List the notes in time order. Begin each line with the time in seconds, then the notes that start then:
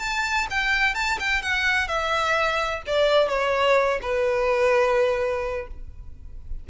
0.00 A5
0.50 G5
0.95 A5
1.20 G5
1.42 F#5
1.88 E5
2.87 D5
3.29 C#5
4.02 B4